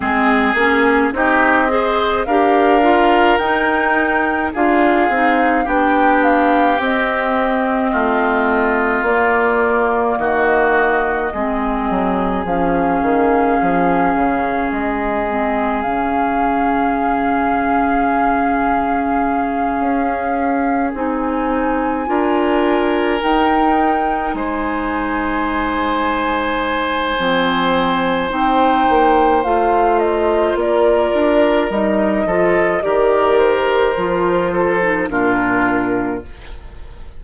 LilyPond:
<<
  \new Staff \with { instrumentName = "flute" } { \time 4/4 \tempo 4 = 53 gis'4 dis''4 f''4 g''4 | f''4 g''8 f''8 dis''2 | d''4 dis''2 f''4~ | f''4 dis''4 f''2~ |
f''2~ f''8 gis''4.~ | gis''8 g''4 gis''2~ gis''8~ | gis''4 g''4 f''8 dis''8 d''4 | dis''4 d''8 c''4. ais'4 | }
  \new Staff \with { instrumentName = "oboe" } { \time 4/4 gis'4 g'8 c''8 ais'2 | gis'4 g'2 f'4~ | f'4 fis'4 gis'2~ | gis'1~ |
gis'2.~ gis'8 ais'8~ | ais'4. c''2~ c''8~ | c''2. ais'4~ | ais'8 a'8 ais'4. a'8 f'4 | }
  \new Staff \with { instrumentName = "clarinet" } { \time 4/4 c'8 cis'8 dis'8 gis'8 g'8 f'8 dis'4 | f'8 dis'8 d'4 c'2 | ais2 c'4 cis'4~ | cis'4. c'8 cis'2~ |
cis'2~ cis'8 dis'4 f'8~ | f'8 dis'2.~ dis'8 | c'4 dis'4 f'2 | dis'8 f'8 g'4 f'8. dis'16 d'4 | }
  \new Staff \with { instrumentName = "bassoon" } { \time 4/4 gis8 ais8 c'4 d'4 dis'4 | d'8 c'8 b4 c'4 a4 | ais4 dis4 gis8 fis8 f8 dis8 | f8 cis8 gis4 cis2~ |
cis4. cis'4 c'4 d'8~ | d'8 dis'4 gis2~ gis8 | f4 c'8 ais8 a4 ais8 d'8 | g8 f8 dis4 f4 ais,4 | }
>>